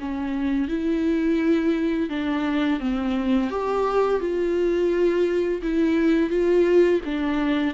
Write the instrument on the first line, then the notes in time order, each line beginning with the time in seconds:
viola
0.00 C#4
0.68 E4
2.10 D4
2.80 C4
3.50 G4
4.20 F4
5.62 E4
6.30 F4
7.05 D4